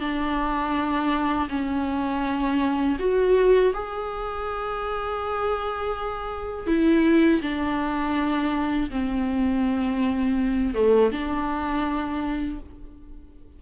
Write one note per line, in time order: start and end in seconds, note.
0.00 1.48 D4
1.49 2.97 C#4
2.99 3.73 F#4
3.73 6.67 G#4
6.67 7.41 E4
7.42 8.90 D4
8.90 10.74 C4
10.74 11.11 A3
11.11 12.60 D4